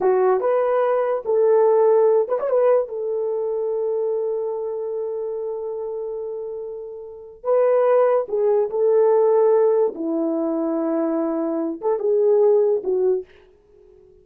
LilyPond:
\new Staff \with { instrumentName = "horn" } { \time 4/4 \tempo 4 = 145 fis'4 b'2 a'4~ | a'4. b'16 cis''16 b'4 a'4~ | a'1~ | a'1~ |
a'2 b'2 | gis'4 a'2. | e'1~ | e'8 a'8 gis'2 fis'4 | }